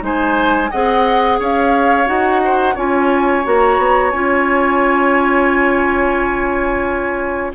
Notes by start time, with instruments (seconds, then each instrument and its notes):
0.00 bassoon G#3, clarinet D#4, oboe C5, flute G#5
0.70 bassoon C4, clarinet G#4, oboe D#5, flute F#5
1.39 bassoon C#4, oboe C#5, flute F5
2.06 bassoon D#4, clarinet F#4, flute F#5
2.44 oboe C5
2.74 bassoon C#4, clarinet F4, oboe C#5, flute G#5
3.43 bassoon A#3, clarinet F#4, flute A#5
3.78 bassoon B3
4.11 bassoon C#4, clarinet F4, flute G#5